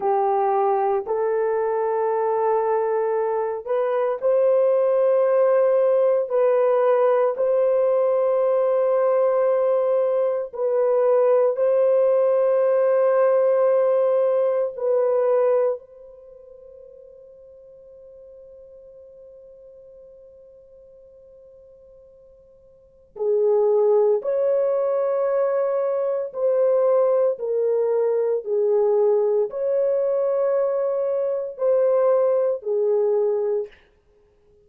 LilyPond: \new Staff \with { instrumentName = "horn" } { \time 4/4 \tempo 4 = 57 g'4 a'2~ a'8 b'8 | c''2 b'4 c''4~ | c''2 b'4 c''4~ | c''2 b'4 c''4~ |
c''1~ | c''2 gis'4 cis''4~ | cis''4 c''4 ais'4 gis'4 | cis''2 c''4 gis'4 | }